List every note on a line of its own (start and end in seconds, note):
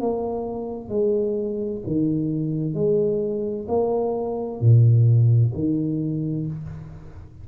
0.00 0.89 A#3
0.89 1.81 G#3
1.87 2.74 D#3
2.74 3.67 G#3
3.68 4.61 A#3
4.61 5.53 A#2
5.54 6.47 D#3